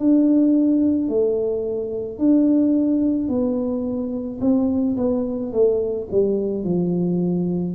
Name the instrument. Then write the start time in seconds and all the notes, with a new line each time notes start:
tuba
0.00 D4
1.09 A3
2.19 D4
3.29 B3
4.41 C4
4.97 B3
5.53 A3
6.12 G3
6.65 F3